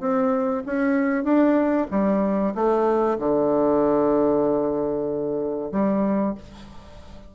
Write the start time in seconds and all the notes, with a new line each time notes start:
0.00 C4
0.66 C#4
1.24 D4
1.91 G3
2.54 A3
3.19 D3
5.71 G3